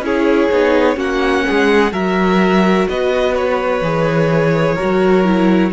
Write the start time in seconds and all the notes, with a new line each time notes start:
0.00 C#4 E4 G#4
0.06 C#5
0.52 B3 D#4
0.95 A#3 C#4 F#4 F#5
1.47 G#3 G#4
1.92 F#3 F#4 A#4 E5
2.89 B3 B4 D#5
3.36 C#5
3.82 E3 G#4
4.75 F#4 A#4
4.83 F#3
5.25 E4